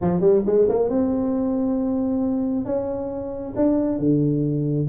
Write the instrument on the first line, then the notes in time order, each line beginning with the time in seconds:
tuba
0.01 F3
0.20 G3
0.45 G#3
0.68 A#3
0.89 C4
2.65 C#4
3.56 D4
3.98 D3